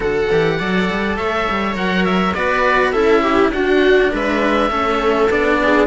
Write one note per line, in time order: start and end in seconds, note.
0.00 0.28 D3
0.00 0.28 F#4
0.00 0.57 A4
0.00 1.17 F#5
0.31 0.60 E3
0.31 0.59 G4
0.57 0.89 F#3
0.57 1.74 A4
0.57 1.16 D5
0.90 1.18 G3
1.17 1.47 A3
1.17 2.35 C#5
1.17 1.75 E5
1.49 1.75 G3
1.74 2.33 F#3
1.74 2.33 A#4
1.74 2.04 F#5
2.04 2.34 E5
2.34 2.93 B3
2.34 2.93 F#4
2.34 2.92 B4
2.34 2.91 D5
2.91 3.49 C#4
2.91 3.52 E4
2.91 3.21 A4
2.91 3.50 E5
3.22 3.51 G4
3.49 4.08 D4
3.49 4.69 D4
3.49 4.11 F#4
3.49 4.11 F#5
4.11 4.69 G#3
4.11 4.70 B4
4.11 5.31 E5
4.69 5.28 A3
4.69 5.28 C#4
4.69 5.59 A4
5.29 5.86 B3
5.29 5.86 D4
5.29 5.86 D5
5.62 5.86 G#4